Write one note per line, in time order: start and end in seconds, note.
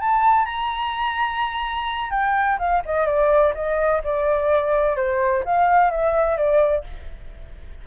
0.00 0.45 A5
0.45 2.10 A#5
2.10 2.58 G5
2.58 2.82 F5
2.85 3.06 D#5
3.06 3.53 D5
3.55 4.02 D#5
4.04 4.96 D5
4.96 5.43 C5
5.45 5.91 F5
5.91 6.37 E5
6.37 6.84 D5